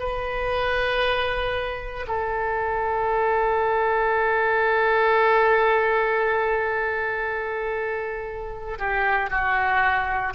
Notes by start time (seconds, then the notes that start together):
0.00 B4
2.08 A4
8.79 G4
9.31 F#4